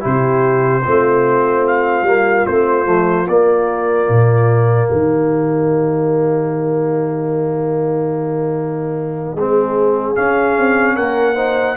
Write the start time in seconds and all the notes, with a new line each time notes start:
0.00 C3 E4 G4 C5
0.84 A3 C4 F4
1.67 F5
2.02 G3 A#3
2.46 A3 C4 C5
2.85 F3 A3
3.27 A#3 D5
4.08 A#2
4.89 D#3 G4 D#5
9.33 G#3 C4 G#4
10.15 C#4 F5
10.58 C4
10.95 A#3 A#4 F#5
11.34 D#4 C5